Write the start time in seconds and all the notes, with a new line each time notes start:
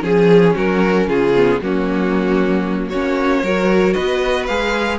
0.00 F3 C#4 G#4
0.54 F#3 F#4 A#4
1.06 C#3 F4 G#4
1.35 B3
1.61 F#3 A#3 C#4 F#4
2.89 A#3 C#4 F#4 C#5
3.42 F#3 F#4 A#4
3.93 B3 B4 D#5
4.46 G#3 G#4 F5